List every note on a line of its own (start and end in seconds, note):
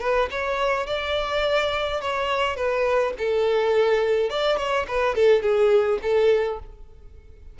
0.00 0.29 B4
0.30 0.86 C#5
0.86 2.01 D5
2.01 2.56 C#5
2.56 3.13 B4
3.18 4.30 A4
4.30 4.57 D5
4.57 4.85 C#5
4.87 5.15 B4
5.15 5.42 A4
5.42 5.99 G#4
6.02 6.59 A4